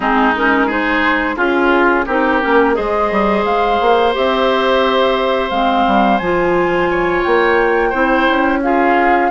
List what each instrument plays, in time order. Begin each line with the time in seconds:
0.00 bassoon G#3, clarinet C4, oboe D#4, flute G#4
0.35 clarinet C#4, flute A#4
0.66 clarinet D#4, oboe G#4, flute C5
1.35 bassoon C#4, clarinet F4, oboe F4, flute G#4
2.06 bassoon C4, clarinet D#4, oboe G4, flute A#4
2.41 bassoon A#3, clarinet C#4
2.74 bassoon G#3, clarinet G#4, oboe C5, flute D#5
3.11 bassoon G3
3.44 bassoon G#3, flute F5
3.80 bassoon A#3
4.13 bassoon C4, clarinet G4, flute E5
5.49 bassoon G#3, clarinet C4, flute F5
5.86 bassoon G3
6.18 bassoon F3, clarinet F4, flute G#5
6.90 oboe C#5
7.23 bassoon A#3, flute G5
7.89 bassoon C4, clarinet E4, oboe C5
8.28 bassoon C#4
8.62 clarinet F4, oboe G#4, flute F5